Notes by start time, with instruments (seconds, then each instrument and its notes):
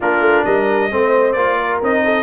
0.00 tuba A#3, trombone D4, horn F4, trumpet A#4
0.19 tuba A3
0.44 tuba G3, horn A#4, trumpet D#5
0.91 tuba A3, trombone C4, horn C5
1.32 tuba A#3, trombone F4, trumpet D5
1.57 horn A#4
1.82 tuba C4, trombone D#4, trumpet D#5
2.04 horn A4